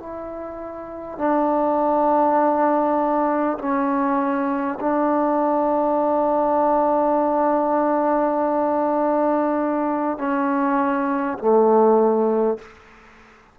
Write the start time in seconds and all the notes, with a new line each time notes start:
0.00 E4
1.18 D4
3.59 C#4
4.81 D4
10.19 C#4
11.39 A3